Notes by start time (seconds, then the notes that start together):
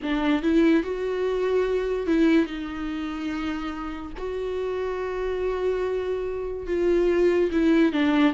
0.02 D4
0.42 E4
0.83 F#4
2.06 E4
2.45 D#4
4.17 F#4
6.67 F4
7.51 E4
7.92 D4